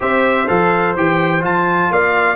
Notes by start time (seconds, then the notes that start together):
0.00 C4 G4 C5 E5
0.47 F3 A4 F5
0.96 E3 G4 G5
1.40 F3 F4 A5
1.90 A#3 D5 F5